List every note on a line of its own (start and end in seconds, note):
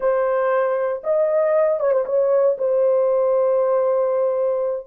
0.00 1.02 C5
1.03 1.79 D#5
1.79 1.91 C#5
1.91 2.04 C5
2.05 2.56 C#5
2.58 4.87 C5